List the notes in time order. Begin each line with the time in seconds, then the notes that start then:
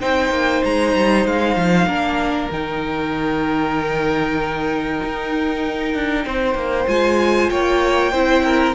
0.00 C4 D#4 C5 G5
0.30 A#3
0.64 G#3 A#5
0.94 G3
1.26 G#3 F5
1.56 F3
1.86 A#3 D4 A#4
2.51 D#3 D#4 G5
5.03 D#4
5.94 D4
6.25 C4 C5
6.55 A#3
6.88 G#3 F4 G#5
7.49 A#3 C#5 G5
8.12 C4 E4 C5
8.44 A#4